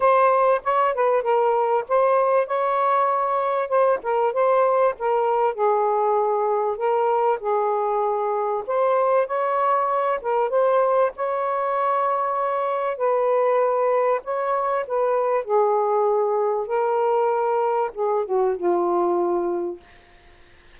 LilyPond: \new Staff \with { instrumentName = "saxophone" } { \time 4/4 \tempo 4 = 97 c''4 cis''8 b'8 ais'4 c''4 | cis''2 c''8 ais'8 c''4 | ais'4 gis'2 ais'4 | gis'2 c''4 cis''4~ |
cis''8 ais'8 c''4 cis''2~ | cis''4 b'2 cis''4 | b'4 gis'2 ais'4~ | ais'4 gis'8 fis'8 f'2 | }